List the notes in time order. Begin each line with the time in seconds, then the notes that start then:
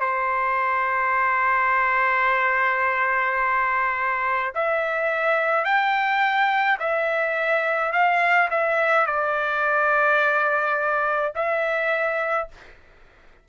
0.00 C5
4.55 E5
5.64 G5
6.79 E5
7.92 F5
8.50 E5
9.06 D5
11.35 E5